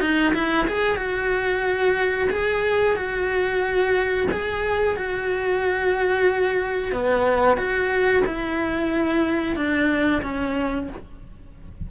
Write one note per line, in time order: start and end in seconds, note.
0.00 0.33 D#4
0.34 0.67 E4
0.67 0.96 G#4
0.96 2.28 F#4
2.30 2.96 G#4
2.96 4.27 F#4
4.31 4.96 G#4
4.96 6.92 F#4
6.92 7.57 B3
7.57 8.23 F#4
8.26 9.56 E4
9.56 10.22 D4
10.22 10.88 C#4